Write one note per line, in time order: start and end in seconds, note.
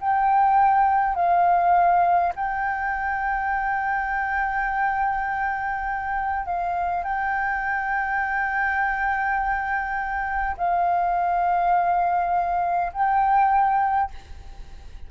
0.00 1.15 G5
1.15 2.33 F5
2.35 6.45 G5
6.45 7.03 F5
7.03 10.56 G5
10.57 12.92 F5
12.93 14.10 G5